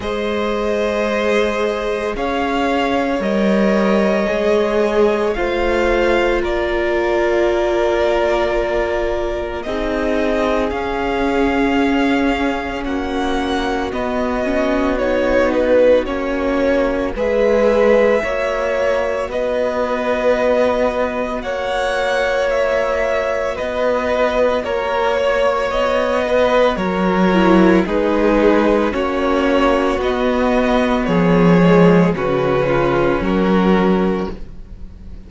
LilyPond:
<<
  \new Staff \with { instrumentName = "violin" } { \time 4/4 \tempo 4 = 56 dis''2 f''4 dis''4~ | dis''4 f''4 d''2~ | d''4 dis''4 f''2 | fis''4 dis''4 cis''8 b'8 cis''4 |
e''2 dis''2 | fis''4 e''4 dis''4 cis''4 | dis''4 cis''4 b'4 cis''4 | dis''4 cis''4 b'4 ais'4 | }
  \new Staff \with { instrumentName = "violin" } { \time 4/4 c''2 cis''2~ | cis''4 c''4 ais'2~ | ais'4 gis'2. | fis'1 |
b'4 cis''4 b'2 | cis''2 b'4 ais'8 cis''8~ | cis''8 b'8 ais'4 gis'4 fis'4~ | fis'4 gis'4 fis'8 f'8 fis'4 | }
  \new Staff \with { instrumentName = "viola" } { \time 4/4 gis'2. ais'4 | gis'4 f'2.~ | f'4 dis'4 cis'2~ | cis'4 b8 cis'8 dis'4 cis'4 |
gis'4 fis'2.~ | fis'1~ | fis'4. e'8 dis'4 cis'4 | b4. gis8 cis'2 | }
  \new Staff \with { instrumentName = "cello" } { \time 4/4 gis2 cis'4 g4 | gis4 a4 ais2~ | ais4 c'4 cis'2 | ais4 b2 ais4 |
gis4 ais4 b2 | ais2 b4 ais4 | b4 fis4 gis4 ais4 | b4 f4 cis4 fis4 | }
>>